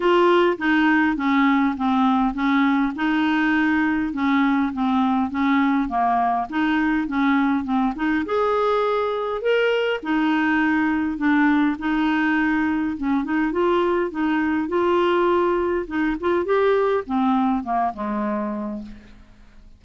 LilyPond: \new Staff \with { instrumentName = "clarinet" } { \time 4/4 \tempo 4 = 102 f'4 dis'4 cis'4 c'4 | cis'4 dis'2 cis'4 | c'4 cis'4 ais4 dis'4 | cis'4 c'8 dis'8 gis'2 |
ais'4 dis'2 d'4 | dis'2 cis'8 dis'8 f'4 | dis'4 f'2 dis'8 f'8 | g'4 c'4 ais8 gis4. | }